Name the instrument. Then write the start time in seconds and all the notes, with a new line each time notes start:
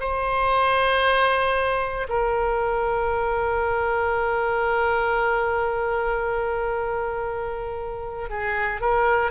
oboe
0.00 C5
2.09 A#4
8.29 G#4
8.81 A#4